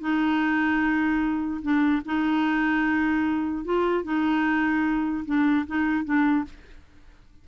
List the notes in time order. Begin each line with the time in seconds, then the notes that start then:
0.00 D#4
1.62 D4
2.06 D#4
3.65 F4
4.04 D#4
5.25 D4
5.67 D#4
6.04 D4